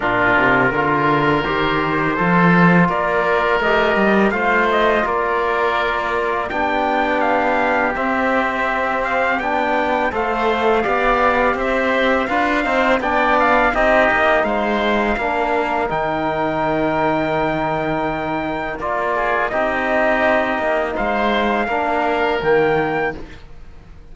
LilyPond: <<
  \new Staff \with { instrumentName = "trumpet" } { \time 4/4 \tempo 4 = 83 ais'2 c''2 | d''4 dis''4 f''8 dis''8 d''4~ | d''4 g''4 f''4 e''4~ | e''8 f''8 g''4 f''2 |
e''4 f''4 g''8 f''8 dis''4 | f''2 g''2~ | g''2 d''4 dis''4~ | dis''4 f''2 g''4 | }
  \new Staff \with { instrumentName = "oboe" } { \time 4/4 f'4 ais'2 a'4 | ais'2 c''4 ais'4~ | ais'4 g'2.~ | g'2 c''4 d''4 |
c''4 b'8 c''8 d''4 g'4 | c''4 ais'2.~ | ais'2~ ais'8 gis'8 g'4~ | g'4 c''4 ais'2 | }
  \new Staff \with { instrumentName = "trombone" } { \time 4/4 d'4 f'4 g'4 f'4~ | f'4 g'4 f'2~ | f'4 d'2 c'4~ | c'4 d'4 a'4 g'4~ |
g'4 f'8 dis'8 d'4 dis'4~ | dis'4 d'4 dis'2~ | dis'2 f'4 dis'4~ | dis'2 d'4 ais4 | }
  \new Staff \with { instrumentName = "cello" } { \time 4/4 ais,8 c8 d4 dis4 f4 | ais4 a8 g8 a4 ais4~ | ais4 b2 c'4~ | c'4 b4 a4 b4 |
c'4 d'8 c'8 b4 c'8 ais8 | gis4 ais4 dis2~ | dis2 ais4 c'4~ | c'8 ais8 gis4 ais4 dis4 | }
>>